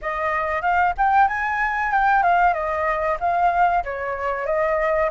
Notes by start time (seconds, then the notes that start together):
0.01 D#5
0.61 F5
0.97 G5
1.28 G#5
1.91 G5
2.23 F5
2.53 D#5
3.19 F5
3.84 C#5
4.45 D#5